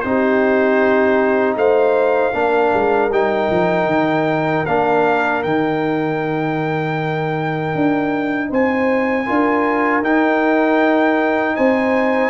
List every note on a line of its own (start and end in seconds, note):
0.00 1.56 C4
0.00 2.33 D#4
0.00 1.54 C5
0.07 1.58 G4
1.56 2.33 A3
1.56 2.35 C5
1.56 3.12 F5
2.33 2.73 A#3
2.33 3.10 D4
2.33 8.49 A#4
2.74 3.10 G#3
3.10 3.48 G3
3.10 4.66 D#4
3.10 4.66 G5
3.50 3.86 F3
3.86 4.63 D#3
4.66 5.44 A#3
4.66 5.44 D4
4.66 5.43 F5
5.43 7.75 D#3
5.43 9.26 D#4
5.43 8.51 G5
7.75 8.51 D4
8.49 9.28 C4
8.49 9.26 C5
8.49 10.04 G#5
9.26 10.02 D4
9.26 10.03 F4
9.26 11.56 A#4
10.02 11.55 D#4
10.02 12.31 D#4
10.02 11.56 G5
11.56 12.31 C4
11.56 12.31 C5
11.56 12.31 G#5